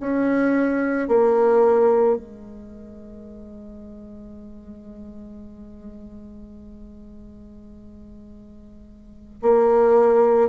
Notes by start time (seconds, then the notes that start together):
0.00 C#4
1.08 A#3
2.17 G#3
9.42 A#3